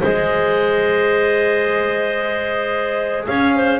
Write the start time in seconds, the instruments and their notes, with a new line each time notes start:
0.00 double bass G#3, clarinet G#4 C5, trumpet D#5
3.27 double bass C#4, clarinet C#5, trumpet F5
3.56 clarinet C5